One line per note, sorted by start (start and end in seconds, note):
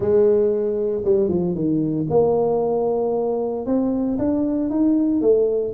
0.00 1.02 G#3
1.04 1.29 G3
1.29 1.54 F3
1.54 2.07 D#3
2.10 3.65 A#3
3.65 4.18 C4
4.18 4.70 D4
4.70 5.21 D#4
5.21 5.73 A3